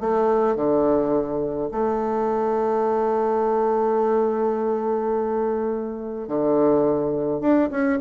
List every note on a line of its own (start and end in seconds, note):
0.00 0.56 A3
0.56 1.70 D3
1.71 6.28 A3
6.28 7.40 D3
7.40 7.69 D4
7.71 7.99 C#4